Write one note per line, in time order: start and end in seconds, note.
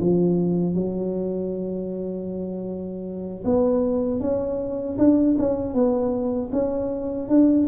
0.00 0.75 F3
0.75 3.44 F#3
3.45 4.21 B3
4.21 4.98 C#4
4.99 5.37 D4
5.39 5.74 C#4
5.74 6.51 B3
6.53 7.29 C#4
7.29 7.67 D4